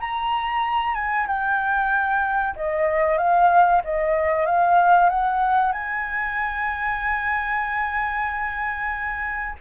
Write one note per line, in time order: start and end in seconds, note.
0.00 0.95 A#5
0.95 1.27 G#5
1.27 2.55 G5
2.56 3.18 D#5
3.18 3.82 F5
3.84 4.46 D#5
4.46 5.10 F5
5.10 5.73 F#5
5.73 9.56 G#5